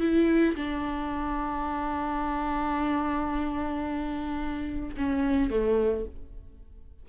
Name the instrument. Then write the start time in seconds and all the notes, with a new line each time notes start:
viola
0.00 E4
0.56 D4
4.97 C#4
5.50 A3